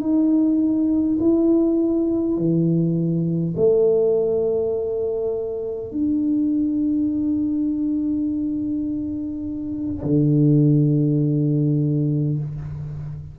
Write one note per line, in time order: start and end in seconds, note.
0.00 1.18 D#4
1.19 2.37 E4
2.37 3.55 E3
3.57 5.91 A3
5.91 10.03 D4
10.03 12.39 D3